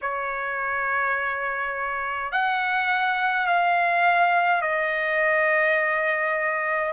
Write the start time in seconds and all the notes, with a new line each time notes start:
0.01 C#5
2.31 F#5
3.46 F5
4.61 D#5